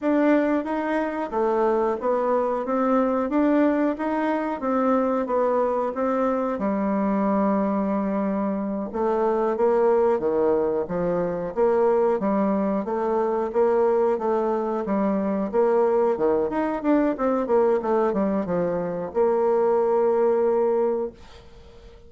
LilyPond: \new Staff \with { instrumentName = "bassoon" } { \time 4/4 \tempo 4 = 91 d'4 dis'4 a4 b4 | c'4 d'4 dis'4 c'4 | b4 c'4 g2~ | g4. a4 ais4 dis8~ |
dis8 f4 ais4 g4 a8~ | a8 ais4 a4 g4 ais8~ | ais8 dis8 dis'8 d'8 c'8 ais8 a8 g8 | f4 ais2. | }